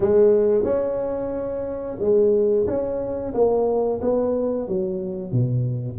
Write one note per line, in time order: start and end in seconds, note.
0.00 0.63 G#3
0.63 1.97 C#4
1.99 2.66 G#3
2.66 3.33 C#4
3.33 4.00 A#3
4.01 4.68 B3
4.68 5.32 F#3
5.32 5.98 B2